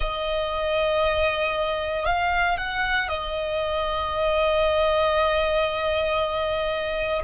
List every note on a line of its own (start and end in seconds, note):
0.00 2.05 D#5
2.05 2.57 F5
2.57 3.08 F#5
3.08 7.22 D#5